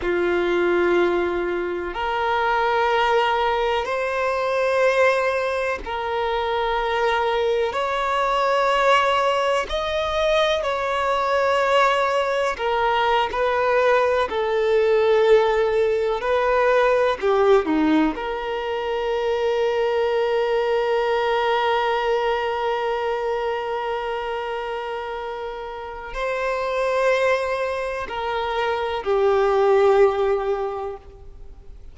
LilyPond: \new Staff \with { instrumentName = "violin" } { \time 4/4 \tempo 4 = 62 f'2 ais'2 | c''2 ais'2 | cis''2 dis''4 cis''4~ | cis''4 ais'8. b'4 a'4~ a'16~ |
a'8. b'4 g'8 dis'8 ais'4~ ais'16~ | ais'1~ | ais'2. c''4~ | c''4 ais'4 g'2 | }